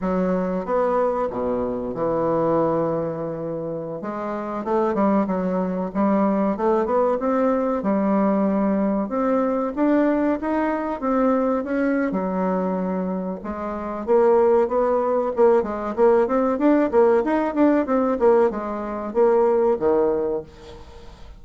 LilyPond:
\new Staff \with { instrumentName = "bassoon" } { \time 4/4 \tempo 4 = 94 fis4 b4 b,4 e4~ | e2~ e16 gis4 a8 g16~ | g16 fis4 g4 a8 b8 c'8.~ | c'16 g2 c'4 d'8.~ |
d'16 dis'4 c'4 cis'8. fis4~ | fis4 gis4 ais4 b4 | ais8 gis8 ais8 c'8 d'8 ais8 dis'8 d'8 | c'8 ais8 gis4 ais4 dis4 | }